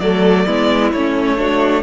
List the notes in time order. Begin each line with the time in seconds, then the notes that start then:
0.00 F#3 A3 A4 D5
0.46 G#3 B3 E4
0.92 A3 C#4 C#5
1.38 D4 F#4